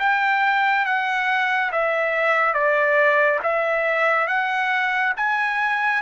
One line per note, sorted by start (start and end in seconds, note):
0.00 0.86 G5
0.86 1.71 F#5
1.72 2.54 E5
2.54 3.40 D5
3.43 4.28 E5
4.28 5.14 F#5
5.17 6.02 G#5